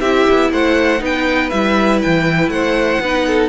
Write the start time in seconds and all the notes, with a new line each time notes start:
0.00 C4 E4 G4 E5
0.29 B3
0.51 A3 C5 F#5
0.99 B3 D#4 B4 G5
1.50 G3 E4 E5
2.02 E3 G5
2.48 A3 C5 F#5
2.99 B3 D#4 B4
3.27 A4